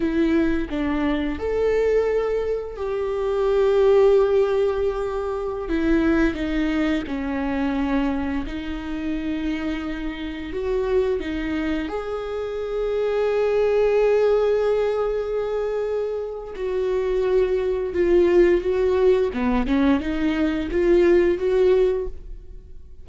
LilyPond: \new Staff \with { instrumentName = "viola" } { \time 4/4 \tempo 4 = 87 e'4 d'4 a'2 | g'1~ | g'16 e'4 dis'4 cis'4.~ cis'16~ | cis'16 dis'2. fis'8.~ |
fis'16 dis'4 gis'2~ gis'8.~ | gis'1 | fis'2 f'4 fis'4 | b8 cis'8 dis'4 f'4 fis'4 | }